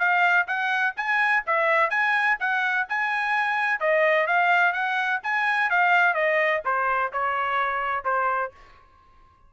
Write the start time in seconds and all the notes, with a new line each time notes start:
0.00 F5
0.48 F#5
0.97 G#5
1.47 E5
1.90 G#5
2.40 F#5
2.89 G#5
3.81 D#5
4.27 F5
4.73 F#5
5.24 G#5
5.71 F5
6.15 D#5
6.65 C5
7.13 C#5
8.05 C5